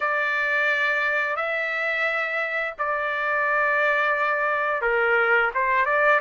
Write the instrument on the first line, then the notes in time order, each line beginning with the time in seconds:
trumpet
0.00 D5
1.35 E5
2.78 D5
4.81 A#4
5.54 C5
5.85 D5